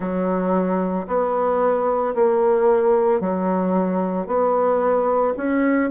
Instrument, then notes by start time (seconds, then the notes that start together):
bassoon
0.00 F#3
1.07 B3
2.14 A#3
3.20 F#3
4.27 B3
5.36 C#4